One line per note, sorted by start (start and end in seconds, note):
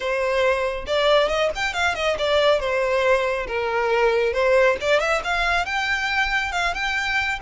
0.00 0.85 C5
0.86 1.28 D5
1.28 1.50 D#5
1.55 1.73 G5
1.73 1.94 F5
1.94 2.16 D#5
2.18 2.60 D5
2.60 3.47 C5
3.47 4.33 A#4
4.33 4.76 C5
4.80 4.99 D5
4.99 5.21 E5
5.24 5.65 F5
5.65 6.52 G5
6.52 6.74 F5
6.74 7.39 G5